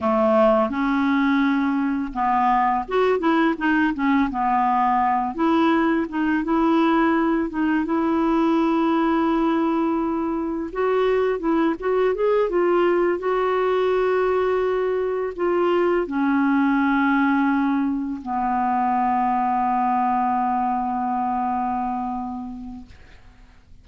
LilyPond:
\new Staff \with { instrumentName = "clarinet" } { \time 4/4 \tempo 4 = 84 a4 cis'2 b4 | fis'8 e'8 dis'8 cis'8 b4. e'8~ | e'8 dis'8 e'4. dis'8 e'4~ | e'2. fis'4 |
e'8 fis'8 gis'8 f'4 fis'4.~ | fis'4. f'4 cis'4.~ | cis'4. b2~ b8~ | b1 | }